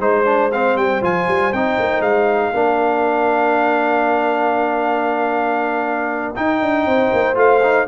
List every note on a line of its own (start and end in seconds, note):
0.00 0.76 G#3
0.00 0.26 D#4
0.00 2.55 C5
0.00 0.52 C5
0.26 0.51 D4
0.52 1.02 C4
0.52 0.77 F5
0.76 1.02 G3
0.76 1.03 G5
1.02 1.28 F3
1.02 1.53 F4
1.02 1.53 G#5
1.28 1.53 G3
1.53 1.78 C4
1.53 2.54 D#4
1.53 2.02 G5
1.79 2.01 A#3
2.01 2.52 G#3
2.01 6.34 F5
2.54 6.35 A#3
2.54 6.36 D4
2.54 6.87 A#4
6.36 7.35 D#4
6.36 6.62 D#4
6.36 7.38 G5
6.62 6.86 D4
6.86 7.12 C4
6.86 7.88 C5
7.13 7.36 A#3
7.35 7.87 A3
7.35 7.61 F4
7.35 7.88 F5
7.63 7.88 D#4